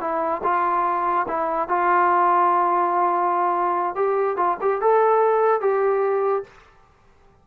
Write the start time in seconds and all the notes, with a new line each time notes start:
0.00 E4
0.43 F4
1.28 E4
1.68 F4
3.95 G4
4.37 F4
4.61 G4
4.81 A4
5.61 G4